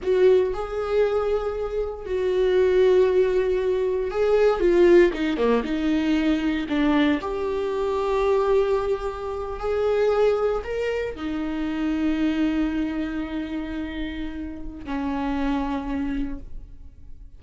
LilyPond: \new Staff \with { instrumentName = "viola" } { \time 4/4 \tempo 4 = 117 fis'4 gis'2. | fis'1 | gis'4 f'4 dis'8 ais8 dis'4~ | dis'4 d'4 g'2~ |
g'2~ g'8. gis'4~ gis'16~ | gis'8. ais'4 dis'2~ dis'16~ | dis'1~ | dis'4 cis'2. | }